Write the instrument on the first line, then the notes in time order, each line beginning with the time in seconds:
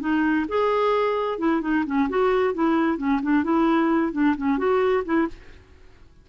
clarinet
0.00 D#4
0.48 G#4
1.38 E4
1.61 D#4
1.86 C#4
2.09 F#4
2.54 E4
2.98 C#4
3.22 D4
3.44 E4
4.12 D4
4.37 C#4
4.58 F#4
5.05 E4